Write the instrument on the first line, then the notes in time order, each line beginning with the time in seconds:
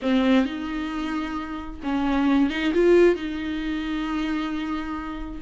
viola
0.01 C4
0.45 D#4
1.83 C#4
2.49 D#4
2.74 F4
3.15 D#4